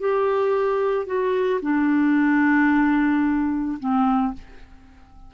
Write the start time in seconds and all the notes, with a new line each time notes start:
0.00 G4
1.06 F#4
1.62 D4
3.79 C4